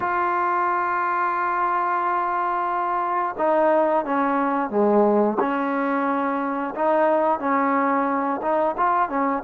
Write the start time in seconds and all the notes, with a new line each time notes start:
0.00 F4
3.37 D#4
4.04 C#4
4.70 G#3
5.39 C#4
6.75 D#4
7.39 C#4
8.41 D#4
8.77 F4
9.09 C#4